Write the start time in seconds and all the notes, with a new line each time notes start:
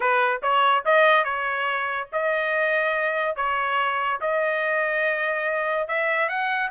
0.00 B4
0.42 C#5
0.85 D#5
1.24 C#5
2.12 D#5
3.36 C#5
4.20 D#5
5.88 E5
6.28 F#5